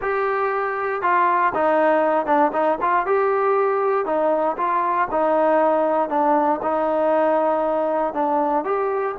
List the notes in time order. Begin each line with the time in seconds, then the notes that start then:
0.01 G4
1.02 F4
1.54 D#4
2.26 D4
2.53 D#4
2.81 F4
3.05 G4
4.05 D#4
4.57 F4
5.11 D#4
6.09 D4
6.62 D#4
8.13 D4
8.64 G4